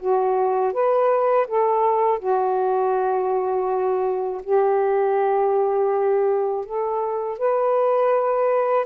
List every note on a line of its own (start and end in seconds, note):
0.00 0.73 F#4
0.73 1.47 B4
1.48 2.19 A4
2.19 4.41 F#4
4.44 6.66 G4
6.66 7.39 A4
7.39 8.86 B4